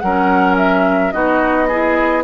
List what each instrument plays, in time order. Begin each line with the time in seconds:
0.00 bassoon F#3, clarinet C#4, oboe A#4, flute F#5
0.58 flute E5
1.12 bassoon B3, clarinet D#4, oboe F#4, flute D#5
1.68 clarinet E4, oboe G#4